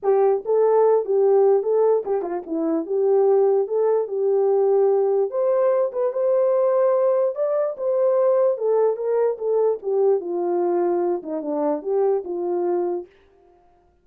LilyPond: \new Staff \with { instrumentName = "horn" } { \time 4/4 \tempo 4 = 147 g'4 a'4. g'4. | a'4 g'8 f'8 e'4 g'4~ | g'4 a'4 g'2~ | g'4 c''4. b'8 c''4~ |
c''2 d''4 c''4~ | c''4 a'4 ais'4 a'4 | g'4 f'2~ f'8 dis'8 | d'4 g'4 f'2 | }